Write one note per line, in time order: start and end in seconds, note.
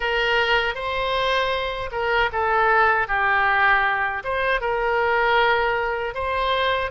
0.00 0.74 A#4
0.74 1.90 C5
1.91 2.30 A#4
2.32 3.07 A4
3.07 4.23 G4
4.23 4.60 C5
4.60 6.14 A#4
6.14 6.90 C5